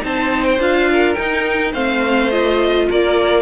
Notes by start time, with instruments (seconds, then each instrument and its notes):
0.00 cello C4, viola D#4, violin C5 A5
0.45 violin G5
0.59 cello D4, viola F4, violin F5
0.92 violin A#4
1.15 viola D#4, cello D#4, violin G5
1.72 cello A3, viola C4, violin C5 F5
2.31 viola F4, violin D#5
2.90 cello A#3, violin A#4 D5